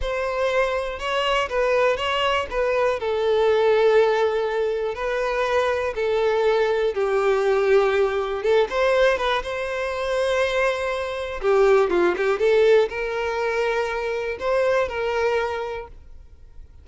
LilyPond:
\new Staff \with { instrumentName = "violin" } { \time 4/4 \tempo 4 = 121 c''2 cis''4 b'4 | cis''4 b'4 a'2~ | a'2 b'2 | a'2 g'2~ |
g'4 a'8 c''4 b'8 c''4~ | c''2. g'4 | f'8 g'8 a'4 ais'2~ | ais'4 c''4 ais'2 | }